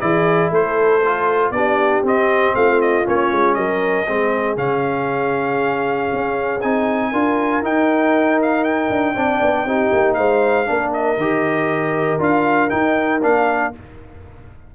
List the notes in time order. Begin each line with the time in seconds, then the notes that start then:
0.00 E3 E4 G#4 D5
0.51 A3 A4 C5
1.06 F4
1.51 B3 D4 G4 D5
2.04 C4 D#5
2.56 A3 F4 F5
2.82 D#5
3.05 A#3 C#4 C#5
3.32 G#3
3.55 F#3 A#4 D#5
4.08 G#3 C4 G#4
4.57 C#3 C#4 F5
6.14 C#4
6.62 C4 D#4 G#5
7.11 D4 F4 A#4
7.62 D#4 G5
8.42 F5
8.65 G5
8.90 D4
9.15 C4 D4 D5
9.42 B3
9.65 C4 D#4 G4
9.93 A#3
10.14 G#3 C5 F5
10.66 A#3 D4 A#4
10.94 D#5
11.18 D#3 G4
12.20 D4 F4 F5
12.70 D#4 G5
13.22 A#3 D4 F5